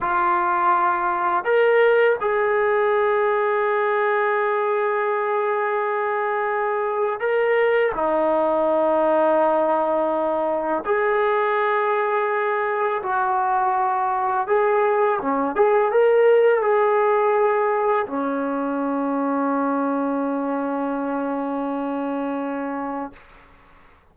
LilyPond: \new Staff \with { instrumentName = "trombone" } { \time 4/4 \tempo 4 = 83 f'2 ais'4 gis'4~ | gis'1~ | gis'2 ais'4 dis'4~ | dis'2. gis'4~ |
gis'2 fis'2 | gis'4 cis'8 gis'8 ais'4 gis'4~ | gis'4 cis'2.~ | cis'1 | }